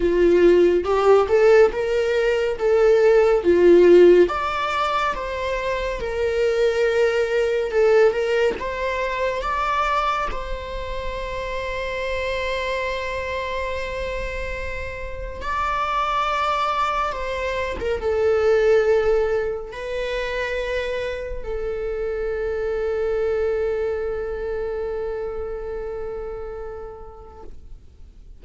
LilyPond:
\new Staff \with { instrumentName = "viola" } { \time 4/4 \tempo 4 = 70 f'4 g'8 a'8 ais'4 a'4 | f'4 d''4 c''4 ais'4~ | ais'4 a'8 ais'8 c''4 d''4 | c''1~ |
c''2 d''2 | c''8. ais'16 a'2 b'4~ | b'4 a'2.~ | a'1 | }